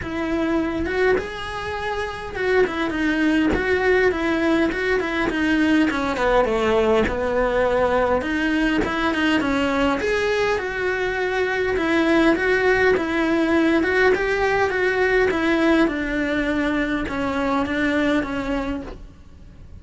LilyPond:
\new Staff \with { instrumentName = "cello" } { \time 4/4 \tempo 4 = 102 e'4. fis'8 gis'2 | fis'8 e'8 dis'4 fis'4 e'4 | fis'8 e'8 dis'4 cis'8 b8 a4 | b2 dis'4 e'8 dis'8 |
cis'4 gis'4 fis'2 | e'4 fis'4 e'4. fis'8 | g'4 fis'4 e'4 d'4~ | d'4 cis'4 d'4 cis'4 | }